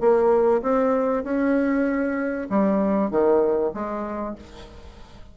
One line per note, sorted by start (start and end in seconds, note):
0.00 0.62 A#3
0.62 1.24 C4
1.24 2.48 C#4
2.50 3.10 G3
3.10 3.72 D#3
3.74 4.36 G#3